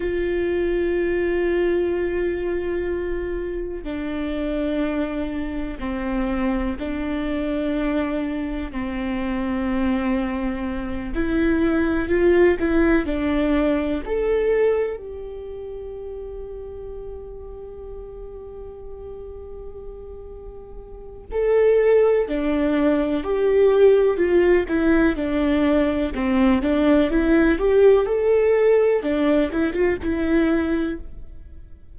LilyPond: \new Staff \with { instrumentName = "viola" } { \time 4/4 \tempo 4 = 62 f'1 | d'2 c'4 d'4~ | d'4 c'2~ c'8 e'8~ | e'8 f'8 e'8 d'4 a'4 g'8~ |
g'1~ | g'2 a'4 d'4 | g'4 f'8 e'8 d'4 c'8 d'8 | e'8 g'8 a'4 d'8 e'16 f'16 e'4 | }